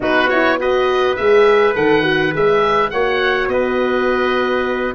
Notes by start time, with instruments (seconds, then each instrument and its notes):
0.00 tuba B3, horn D#4, trumpet F#4, oboe B4
0.29 horn E4, oboe C#5
0.59 horn F#4, trumpet B4, oboe D#5
1.16 tuba G#3, horn G#4, oboe E5
1.75 tuba D#3, horn A4, oboe F#5
2.02 horn F#4
2.32 tuba G#3, horn G#4, oboe E5
2.90 tuba A#3, horn F#4, trumpet C#5, oboe F#5
3.48 tuba B3, trumpet B4, oboe D#5